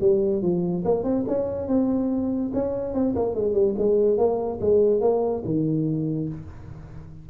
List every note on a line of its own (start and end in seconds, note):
0.00 0.42 G3
0.42 0.84 F3
0.84 1.03 A#3
1.03 1.24 C4
1.27 1.67 C#4
1.67 2.51 C4
2.53 2.94 C#4
2.94 3.14 C4
3.15 3.35 A#3
3.35 3.53 G#3
3.53 3.74 G3
3.77 4.17 G#3
4.17 4.59 A#3
4.61 5.00 G#3
5.00 5.42 A#3
5.44 6.28 D#3